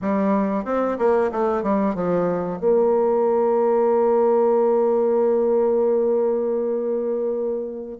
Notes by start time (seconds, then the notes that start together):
0.01 G3
0.64 C4
0.98 A#3
1.31 A3
1.62 G3
1.94 F3
2.60 A#3